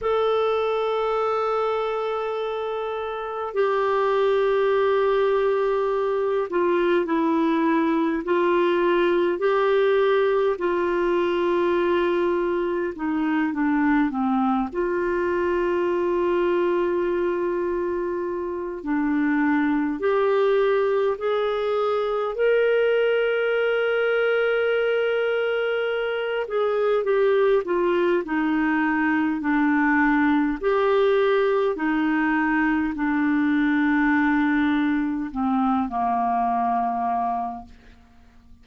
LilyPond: \new Staff \with { instrumentName = "clarinet" } { \time 4/4 \tempo 4 = 51 a'2. g'4~ | g'4. f'8 e'4 f'4 | g'4 f'2 dis'8 d'8 | c'8 f'2.~ f'8 |
d'4 g'4 gis'4 ais'4~ | ais'2~ ais'8 gis'8 g'8 f'8 | dis'4 d'4 g'4 dis'4 | d'2 c'8 ais4. | }